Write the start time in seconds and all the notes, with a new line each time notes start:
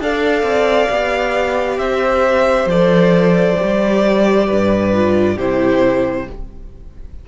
0.00 D4 A4 D5 F5
0.43 C4
0.90 B3 G4
1.78 C4 C5 E5
2.66 F3 A4 D5
3.57 G4
3.63 G3
4.47 G2 B4
4.93 F4
5.35 C3 E4 G4 C5